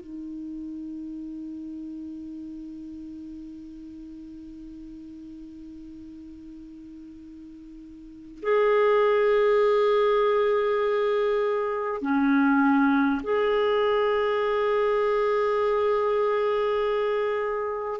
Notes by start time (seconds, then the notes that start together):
0.00 D#4
8.42 G#4
12.01 C#4
13.23 G#4